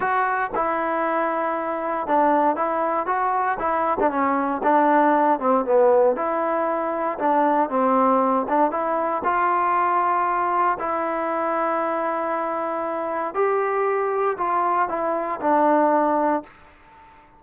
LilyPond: \new Staff \with { instrumentName = "trombone" } { \time 4/4 \tempo 4 = 117 fis'4 e'2. | d'4 e'4 fis'4 e'8. d'16 | cis'4 d'4. c'8 b4 | e'2 d'4 c'4~ |
c'8 d'8 e'4 f'2~ | f'4 e'2.~ | e'2 g'2 | f'4 e'4 d'2 | }